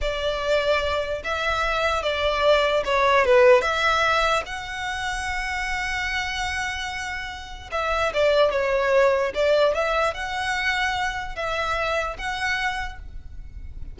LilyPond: \new Staff \with { instrumentName = "violin" } { \time 4/4 \tempo 4 = 148 d''2. e''4~ | e''4 d''2 cis''4 | b'4 e''2 fis''4~ | fis''1~ |
fis''2. e''4 | d''4 cis''2 d''4 | e''4 fis''2. | e''2 fis''2 | }